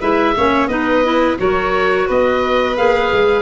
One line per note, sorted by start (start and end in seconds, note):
0.00 0.36 G#3
0.00 0.35 E4
0.00 0.34 B4
0.00 0.67 E5
0.37 0.67 A#3
0.37 0.69 C#4
0.37 0.69 C#5
0.67 1.36 B3
0.67 1.04 D#4
0.67 1.38 B4
0.67 1.36 D#5
1.04 1.37 E4
1.37 2.08 F#3
1.37 2.75 F#4
1.37 2.07 A#4
1.37 2.09 C#5
2.07 2.77 B3
2.07 3.42 B4
2.07 2.77 D#5
2.77 3.12 A#3
2.77 3.42 G#4
2.77 3.42 F5
3.12 3.42 G#3